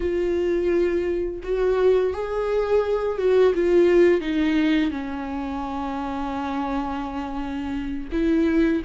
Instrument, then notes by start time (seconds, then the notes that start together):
viola
0.00 F4
1.43 F#4
2.13 G#4
3.18 F#4
3.55 F4
4.21 D#4
4.90 C#4
8.11 E4